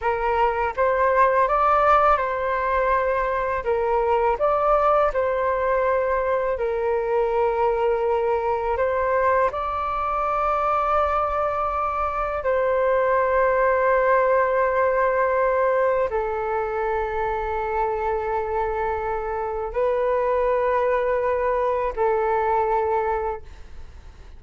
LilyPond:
\new Staff \with { instrumentName = "flute" } { \time 4/4 \tempo 4 = 82 ais'4 c''4 d''4 c''4~ | c''4 ais'4 d''4 c''4~ | c''4 ais'2. | c''4 d''2.~ |
d''4 c''2.~ | c''2 a'2~ | a'2. b'4~ | b'2 a'2 | }